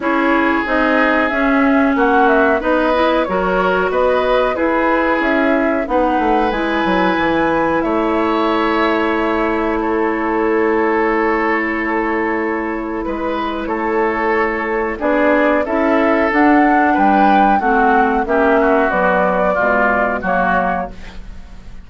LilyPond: <<
  \new Staff \with { instrumentName = "flute" } { \time 4/4 \tempo 4 = 92 cis''4 dis''4 e''4 fis''8 e''8 | dis''4 cis''4 dis''4 b'4 | e''4 fis''4 gis''2 | e''2. cis''4~ |
cis''1 | b'4 cis''2 d''4 | e''4 fis''4 g''4 fis''4 | e''4 d''2 cis''4 | }
  \new Staff \with { instrumentName = "oboe" } { \time 4/4 gis'2. fis'4 | b'4 ais'4 b'4 gis'4~ | gis'4 b'2. | cis''2. a'4~ |
a'1 | b'4 a'2 gis'4 | a'2 b'4 fis'4 | g'8 fis'4. f'4 fis'4 | }
  \new Staff \with { instrumentName = "clarinet" } { \time 4/4 e'4 dis'4 cis'2 | dis'8 e'8 fis'2 e'4~ | e'4 dis'4 e'2~ | e'1~ |
e'1~ | e'2. d'4 | e'4 d'2 c'4 | cis'4 fis4 gis4 ais4 | }
  \new Staff \with { instrumentName = "bassoon" } { \time 4/4 cis'4 c'4 cis'4 ais4 | b4 fis4 b4 e'4 | cis'4 b8 a8 gis8 fis8 e4 | a1~ |
a1 | gis4 a2 b4 | cis'4 d'4 g4 a4 | ais4 b4 b,4 fis4 | }
>>